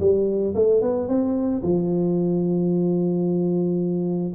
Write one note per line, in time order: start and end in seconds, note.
0.00 0.54 G3
0.55 0.81 A3
0.81 1.08 B3
1.08 1.62 C4
1.63 4.33 F3